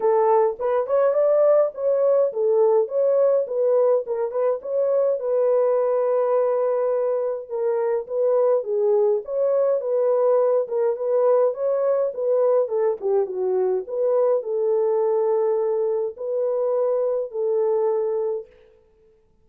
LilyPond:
\new Staff \with { instrumentName = "horn" } { \time 4/4 \tempo 4 = 104 a'4 b'8 cis''8 d''4 cis''4 | a'4 cis''4 b'4 ais'8 b'8 | cis''4 b'2.~ | b'4 ais'4 b'4 gis'4 |
cis''4 b'4. ais'8 b'4 | cis''4 b'4 a'8 g'8 fis'4 | b'4 a'2. | b'2 a'2 | }